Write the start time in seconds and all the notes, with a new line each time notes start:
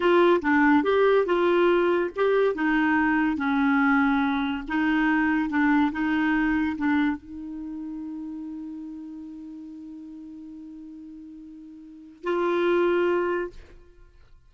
0.00 F4
0.41 D4
0.83 G4
1.25 F4
2.15 G4
2.54 D#4
3.36 C#4
4.67 D#4
5.49 D4
5.92 D#4
6.77 D4
7.16 D#4
12.23 F4